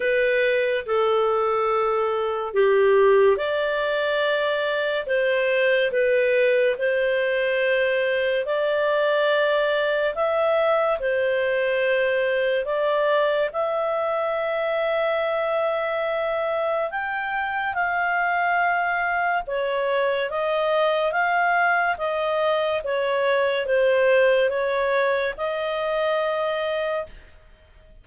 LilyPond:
\new Staff \with { instrumentName = "clarinet" } { \time 4/4 \tempo 4 = 71 b'4 a'2 g'4 | d''2 c''4 b'4 | c''2 d''2 | e''4 c''2 d''4 |
e''1 | g''4 f''2 cis''4 | dis''4 f''4 dis''4 cis''4 | c''4 cis''4 dis''2 | }